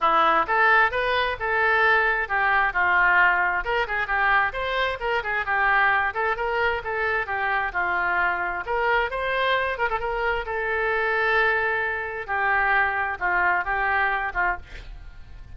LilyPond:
\new Staff \with { instrumentName = "oboe" } { \time 4/4 \tempo 4 = 132 e'4 a'4 b'4 a'4~ | a'4 g'4 f'2 | ais'8 gis'8 g'4 c''4 ais'8 gis'8 | g'4. a'8 ais'4 a'4 |
g'4 f'2 ais'4 | c''4. ais'16 a'16 ais'4 a'4~ | a'2. g'4~ | g'4 f'4 g'4. f'8 | }